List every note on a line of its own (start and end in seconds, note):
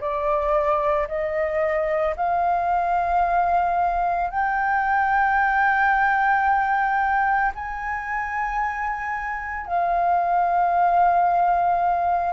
0.00 1.07 D5
1.08 2.15 D#5
2.16 4.30 F5
4.30 7.51 G5
7.54 9.66 G#5
9.66 12.33 F5